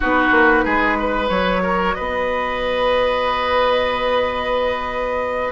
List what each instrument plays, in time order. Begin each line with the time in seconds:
0.00 bassoon B3, clarinet D#4, oboe F#4, flute B4
0.31 bassoon A#3
0.64 bassoon G#3, oboe G#4
0.99 oboe B4
1.29 bassoon F#3, clarinet F#4, flute C#5
1.62 oboe A#4
1.94 bassoon B3, oboe B4, flute D#5